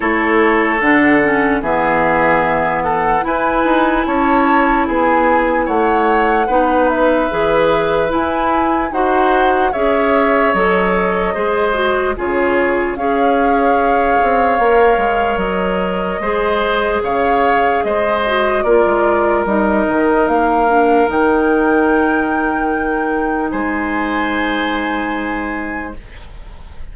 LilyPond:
<<
  \new Staff \with { instrumentName = "flute" } { \time 4/4 \tempo 4 = 74 cis''4 fis''4 e''4. fis''8 | gis''4 a''4 gis''4 fis''4~ | fis''8 e''4. gis''4 fis''4 | e''4 dis''2 cis''4 |
f''2. dis''4~ | dis''4 f''4 dis''4 d''4 | dis''4 f''4 g''2~ | g''4 gis''2. | }
  \new Staff \with { instrumentName = "oboe" } { \time 4/4 a'2 gis'4. a'8 | b'4 cis''4 gis'4 cis''4 | b'2. c''4 | cis''2 c''4 gis'4 |
cis''1 | c''4 cis''4 c''4 ais'4~ | ais'1~ | ais'4 c''2. | }
  \new Staff \with { instrumentName = "clarinet" } { \time 4/4 e'4 d'8 cis'8 b2 | e'1 | dis'4 gis'4 e'4 fis'4 | gis'4 a'4 gis'8 fis'8 f'4 |
gis'2 ais'2 | gis'2~ gis'8 fis'8 f'4 | dis'4. d'8 dis'2~ | dis'1 | }
  \new Staff \with { instrumentName = "bassoon" } { \time 4/4 a4 d4 e2 | e'8 dis'8 cis'4 b4 a4 | b4 e4 e'4 dis'4 | cis'4 fis4 gis4 cis4 |
cis'4. c'8 ais8 gis8 fis4 | gis4 cis4 gis4 ais16 gis8. | g8 dis8 ais4 dis2~ | dis4 gis2. | }
>>